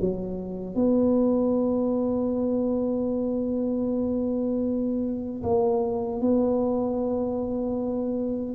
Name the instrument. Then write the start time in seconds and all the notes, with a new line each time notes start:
tuba
0.00 F#3
0.74 B3
5.43 A#3
6.21 B3